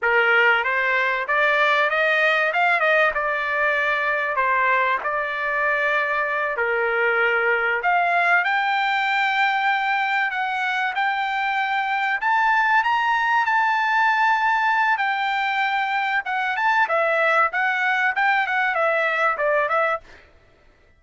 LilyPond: \new Staff \with { instrumentName = "trumpet" } { \time 4/4 \tempo 4 = 96 ais'4 c''4 d''4 dis''4 | f''8 dis''8 d''2 c''4 | d''2~ d''8 ais'4.~ | ais'8 f''4 g''2~ g''8~ |
g''8 fis''4 g''2 a''8~ | a''8 ais''4 a''2~ a''8 | g''2 fis''8 a''8 e''4 | fis''4 g''8 fis''8 e''4 d''8 e''8 | }